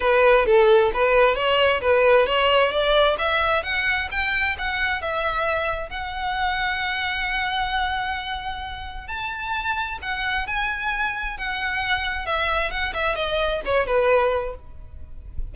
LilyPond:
\new Staff \with { instrumentName = "violin" } { \time 4/4 \tempo 4 = 132 b'4 a'4 b'4 cis''4 | b'4 cis''4 d''4 e''4 | fis''4 g''4 fis''4 e''4~ | e''4 fis''2.~ |
fis''1 | a''2 fis''4 gis''4~ | gis''4 fis''2 e''4 | fis''8 e''8 dis''4 cis''8 b'4. | }